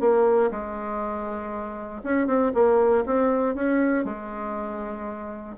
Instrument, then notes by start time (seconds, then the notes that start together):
bassoon
0.00 A#3
0.51 G#3
2.03 C#4
2.27 C4
2.54 A#3
3.05 C4
3.55 C#4
4.04 G#3